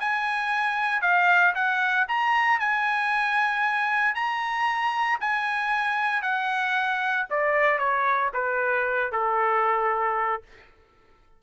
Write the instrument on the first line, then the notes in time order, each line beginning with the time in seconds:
trumpet
0.00 G#5
1.02 F5
1.55 F#5
2.08 A#5
2.60 G#5
4.15 A#5
5.20 G#5
6.22 F#5
7.30 D5
7.79 C#5
8.34 B4
9.12 A4